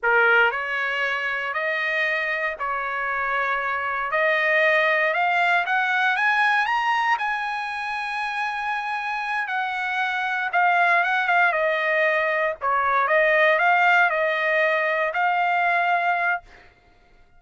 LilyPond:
\new Staff \with { instrumentName = "trumpet" } { \time 4/4 \tempo 4 = 117 ais'4 cis''2 dis''4~ | dis''4 cis''2. | dis''2 f''4 fis''4 | gis''4 ais''4 gis''2~ |
gis''2~ gis''8 fis''4.~ | fis''8 f''4 fis''8 f''8 dis''4.~ | dis''8 cis''4 dis''4 f''4 dis''8~ | dis''4. f''2~ f''8 | }